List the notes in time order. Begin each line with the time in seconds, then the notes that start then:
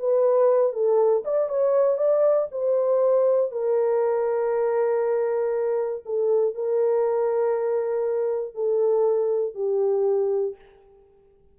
0.00 B4
0.73 A4
1.25 D5
1.49 C#5
1.98 D5
2.52 C5
3.52 A#4
6.06 A4
6.55 A#4
8.55 A4
9.55 G4